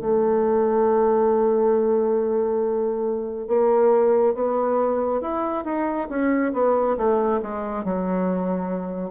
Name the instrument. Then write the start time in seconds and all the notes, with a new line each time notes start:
bassoon
0.00 A3
3.47 A#3
4.34 B3
5.21 E4
5.64 D#4
6.09 C#4
6.53 B3
6.97 A3
7.42 G#3
7.84 F#3